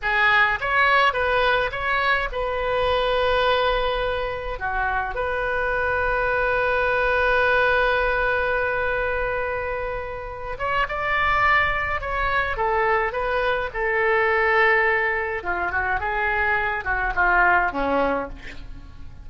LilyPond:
\new Staff \with { instrumentName = "oboe" } { \time 4/4 \tempo 4 = 105 gis'4 cis''4 b'4 cis''4 | b'1 | fis'4 b'2.~ | b'1~ |
b'2~ b'8 cis''8 d''4~ | d''4 cis''4 a'4 b'4 | a'2. f'8 fis'8 | gis'4. fis'8 f'4 cis'4 | }